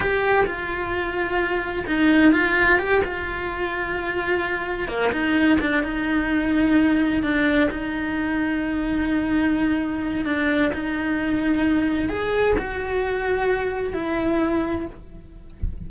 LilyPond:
\new Staff \with { instrumentName = "cello" } { \time 4/4 \tempo 4 = 129 g'4 f'2. | dis'4 f'4 g'8 f'4.~ | f'2~ f'8 ais8 dis'4 | d'8 dis'2. d'8~ |
d'8 dis'2.~ dis'8~ | dis'2 d'4 dis'4~ | dis'2 gis'4 fis'4~ | fis'2 e'2 | }